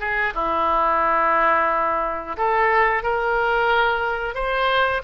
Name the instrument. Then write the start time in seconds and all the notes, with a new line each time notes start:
oboe
0.00 G#4
0.35 E4
2.37 A4
3.03 A#4
4.35 C5